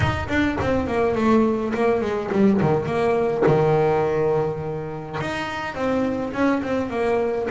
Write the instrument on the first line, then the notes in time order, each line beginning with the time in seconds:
double bass
0.00 D#4
0.29 D4
0.60 C4
0.87 A#3
1.15 A3
1.74 A#3
2.01 G#3
2.32 G3
2.61 D#3
2.86 A#3
3.46 D#3
5.20 D#4
5.75 C4
6.33 C#4
6.62 C4
6.90 A#3